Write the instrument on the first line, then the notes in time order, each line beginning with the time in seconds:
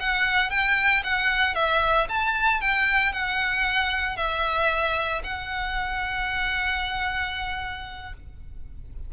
violin
0.00 F#5
0.50 G5
1.04 F#5
1.55 E5
2.09 A5
2.61 G5
3.13 F#5
4.17 E5
5.24 F#5